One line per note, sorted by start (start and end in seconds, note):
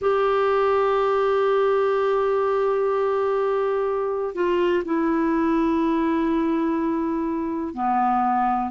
0.01 4.35 G4
4.35 4.83 F4
4.84 7.74 E4
7.74 8.71 B3